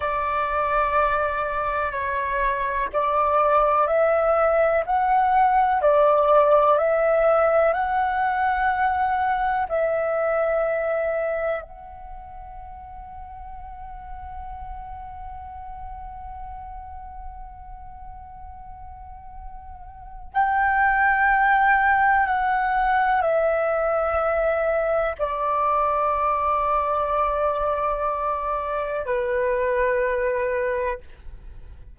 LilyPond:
\new Staff \with { instrumentName = "flute" } { \time 4/4 \tempo 4 = 62 d''2 cis''4 d''4 | e''4 fis''4 d''4 e''4 | fis''2 e''2 | fis''1~ |
fis''1~ | fis''4 g''2 fis''4 | e''2 d''2~ | d''2 b'2 | }